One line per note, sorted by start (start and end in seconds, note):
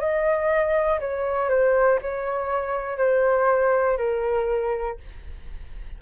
0.00 1.00 D#5
1.00 1.50 C#5
1.50 2.00 C5
2.02 2.98 C#5
2.98 3.98 C5
3.98 4.98 A#4